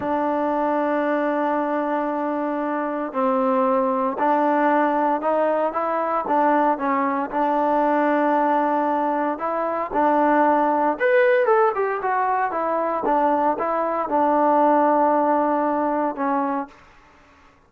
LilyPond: \new Staff \with { instrumentName = "trombone" } { \time 4/4 \tempo 4 = 115 d'1~ | d'2 c'2 | d'2 dis'4 e'4 | d'4 cis'4 d'2~ |
d'2 e'4 d'4~ | d'4 b'4 a'8 g'8 fis'4 | e'4 d'4 e'4 d'4~ | d'2. cis'4 | }